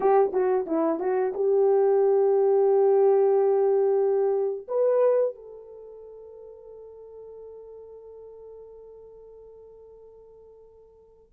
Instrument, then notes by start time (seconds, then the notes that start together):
horn
0.00 G4
0.32 F#4
0.66 E4
0.99 F#4
1.34 G4
4.68 B4
5.35 A4